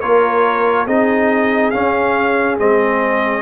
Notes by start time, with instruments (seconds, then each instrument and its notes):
0.00 tuba A#3, trombone F4, horn A#4, trumpet C#5
0.86 tuba C4, trombone D#4, horn G#4, trumpet D#5
1.70 trombone C#4, tuba C#4, trumpet F5
2.58 tuba G#3, trombone C4, trumpet D#5